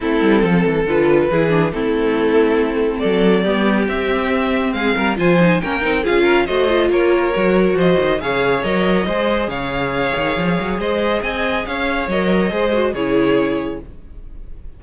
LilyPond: <<
  \new Staff \with { instrumentName = "violin" } { \time 4/4 \tempo 4 = 139 a'2 b'2 | a'2. d''4~ | d''4 e''2 f''4 | gis''4 g''4 f''4 dis''4 |
cis''2 dis''4 f''4 | dis''2 f''2~ | f''4 dis''4 gis''4 f''4 | dis''2 cis''2 | }
  \new Staff \with { instrumentName = "violin" } { \time 4/4 e'4 a'2 gis'4 | e'2. a'4 | g'2. gis'8 ais'8 | c''4 ais'4 gis'8 ais'8 c''4 |
ais'2 c''4 cis''4~ | cis''4 c''4 cis''2~ | cis''4 c''4 dis''4 cis''4~ | cis''4 c''4 gis'2 | }
  \new Staff \with { instrumentName = "viola" } { \time 4/4 c'2 f'4 e'8 d'8 | c'1 | b4 c'2. | f'8 dis'8 cis'8 dis'8 f'4 fis'8 f'8~ |
f'4 fis'2 gis'4 | ais'4 gis'2.~ | gis'1 | ais'4 gis'8 fis'8 e'2 | }
  \new Staff \with { instrumentName = "cello" } { \time 4/4 a8 g8 f8 e8 d4 e4 | a2. fis4 | g4 c'2 gis8 g8 | f4 ais8 c'8 cis'4 a4 |
ais4 fis4 f8 dis8 cis4 | fis4 gis4 cis4. dis8 | f8 fis8 gis4 c'4 cis'4 | fis4 gis4 cis2 | }
>>